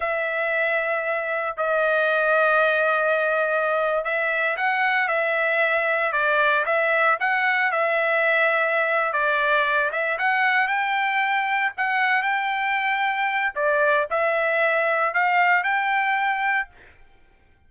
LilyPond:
\new Staff \with { instrumentName = "trumpet" } { \time 4/4 \tempo 4 = 115 e''2. dis''4~ | dis''2.~ dis''8. e''16~ | e''8. fis''4 e''2 d''16~ | d''8. e''4 fis''4 e''4~ e''16~ |
e''4. d''4. e''8 fis''8~ | fis''8 g''2 fis''4 g''8~ | g''2 d''4 e''4~ | e''4 f''4 g''2 | }